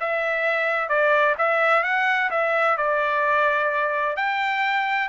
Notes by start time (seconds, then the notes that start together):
0.00 E5
0.89 D5
1.38 E5
1.84 F#5
2.31 E5
2.78 D5
4.16 G5